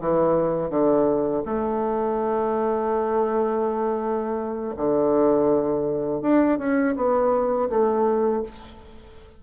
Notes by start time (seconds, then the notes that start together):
0.00 E3
0.70 D3
1.45 A3
4.76 D3
6.21 D4
6.58 C#4
6.95 B3
7.69 A3